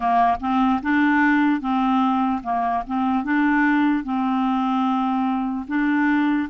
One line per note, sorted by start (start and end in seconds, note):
0.00 0.37 A#3
0.40 0.81 C4
0.82 1.60 D4
1.60 2.41 C4
2.43 2.83 A#3
2.86 3.24 C4
3.24 4.04 D4
4.04 5.66 C4
5.68 6.49 D4